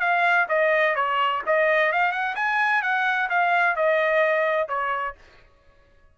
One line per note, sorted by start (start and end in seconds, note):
0.00 0.47 F5
0.49 0.95 D#5
0.95 1.42 C#5
1.46 1.92 D#5
1.92 2.12 F5
2.12 2.35 F#5
2.36 2.82 G#5
2.82 3.29 F#5
3.29 3.76 F5
3.76 4.68 D#5
4.68 5.15 C#5